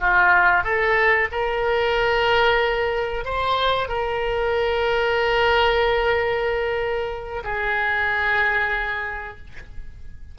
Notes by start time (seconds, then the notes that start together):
0.00 F4
0.64 A4
1.32 A#4
3.25 C5
3.89 A#4
7.45 G#4